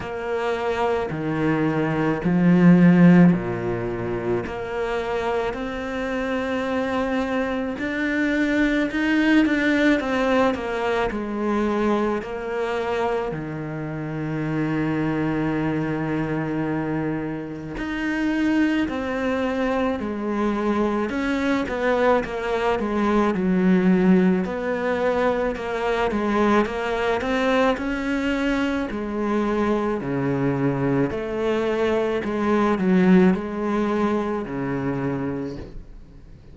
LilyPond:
\new Staff \with { instrumentName = "cello" } { \time 4/4 \tempo 4 = 54 ais4 dis4 f4 ais,4 | ais4 c'2 d'4 | dis'8 d'8 c'8 ais8 gis4 ais4 | dis1 |
dis'4 c'4 gis4 cis'8 b8 | ais8 gis8 fis4 b4 ais8 gis8 | ais8 c'8 cis'4 gis4 cis4 | a4 gis8 fis8 gis4 cis4 | }